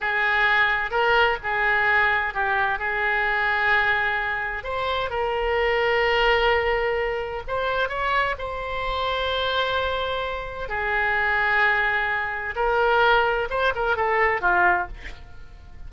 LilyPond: \new Staff \with { instrumentName = "oboe" } { \time 4/4 \tempo 4 = 129 gis'2 ais'4 gis'4~ | gis'4 g'4 gis'2~ | gis'2 c''4 ais'4~ | ais'1 |
c''4 cis''4 c''2~ | c''2. gis'4~ | gis'2. ais'4~ | ais'4 c''8 ais'8 a'4 f'4 | }